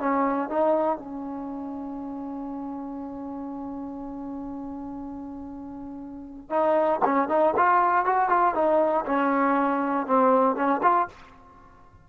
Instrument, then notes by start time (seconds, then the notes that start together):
trombone
0.00 C#4
0.50 D#4
0.98 C#4
6.50 D#4
7.05 C#4
7.29 D#4
7.57 F4
8.06 F#4
8.30 F4
8.55 D#4
9.06 C#4
10.07 C4
10.56 C#4
10.83 F4